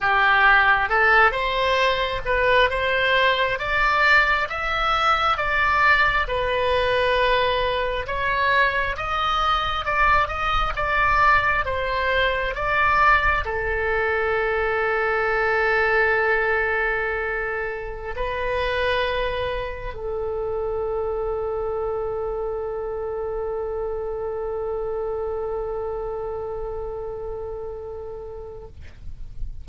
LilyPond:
\new Staff \with { instrumentName = "oboe" } { \time 4/4 \tempo 4 = 67 g'4 a'8 c''4 b'8 c''4 | d''4 e''4 d''4 b'4~ | b'4 cis''4 dis''4 d''8 dis''8 | d''4 c''4 d''4 a'4~ |
a'1~ | a'16 b'2 a'4.~ a'16~ | a'1~ | a'1 | }